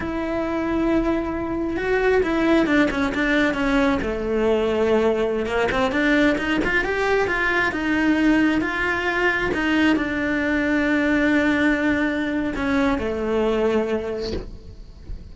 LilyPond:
\new Staff \with { instrumentName = "cello" } { \time 4/4 \tempo 4 = 134 e'1 | fis'4 e'4 d'8 cis'8 d'4 | cis'4 a2.~ | a16 ais8 c'8 d'4 dis'8 f'8 g'8.~ |
g'16 f'4 dis'2 f'8.~ | f'4~ f'16 dis'4 d'4.~ d'16~ | d'1 | cis'4 a2. | }